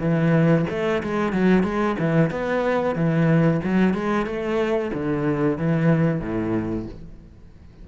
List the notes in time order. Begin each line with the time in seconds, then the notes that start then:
0.00 E3
0.70 A3
1.03 G#3
1.33 F#3
1.63 G#3
1.99 E3
2.31 B3
2.95 E3
3.63 F#3
3.94 G#3
4.26 A3
4.94 D3
5.58 E3
6.20 A2